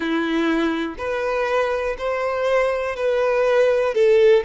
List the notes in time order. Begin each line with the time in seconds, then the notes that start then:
0.00 E4
0.97 B4
1.98 C5
2.96 B4
3.94 A4